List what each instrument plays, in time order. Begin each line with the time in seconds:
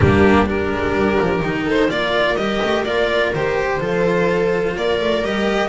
0.00 double bass G3, cello A#3, viola D4, violin G4
0.46 cello D4, viola G4, violin A#4
0.72 double bass G#3
0.94 double bass G3
1.21 double bass F3
1.40 double bass D#3, cello D#4
1.65 viola A4, violin C5
1.89 double bass A#3, cello F4, viola A#4, violin D5
2.36 double bass G3, cello G4, violin D#5
2.62 double bass A3
2.84 double bass A#3, cello F4, violin D5
3.33 double bass D#3, cello G4, violin C5
3.80 double bass F3, cello F4, viola A4
4.75 double bass A#3, viola A#4, violin D5
5.00 double bass A3
5.22 double bass G3, cello G4, violin D#5